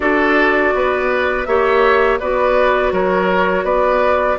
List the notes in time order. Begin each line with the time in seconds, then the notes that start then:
0.00 D4 F#4 A4 D5
0.73 B3 B4
1.45 A#3 G4 C#5 E5
2.19 B3 F#4 B4 D5
2.92 F#3 A#4 C#5
3.63 B3 B4 D5